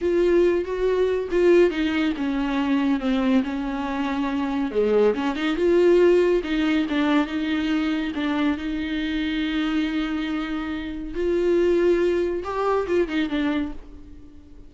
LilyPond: \new Staff \with { instrumentName = "viola" } { \time 4/4 \tempo 4 = 140 f'4. fis'4. f'4 | dis'4 cis'2 c'4 | cis'2. gis4 | cis'8 dis'8 f'2 dis'4 |
d'4 dis'2 d'4 | dis'1~ | dis'2 f'2~ | f'4 g'4 f'8 dis'8 d'4 | }